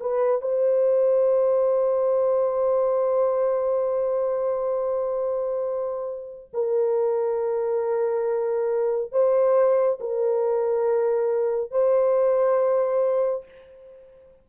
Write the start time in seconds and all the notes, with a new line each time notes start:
0.00 B4
0.42 C5
6.53 A#4
9.12 C5
10.00 A#4
11.71 C5